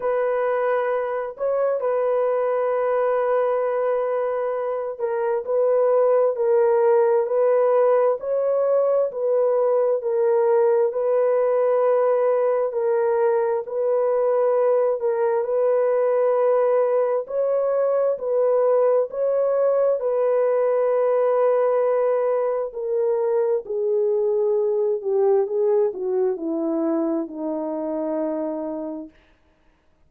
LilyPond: \new Staff \with { instrumentName = "horn" } { \time 4/4 \tempo 4 = 66 b'4. cis''8 b'2~ | b'4. ais'8 b'4 ais'4 | b'4 cis''4 b'4 ais'4 | b'2 ais'4 b'4~ |
b'8 ais'8 b'2 cis''4 | b'4 cis''4 b'2~ | b'4 ais'4 gis'4. g'8 | gis'8 fis'8 e'4 dis'2 | }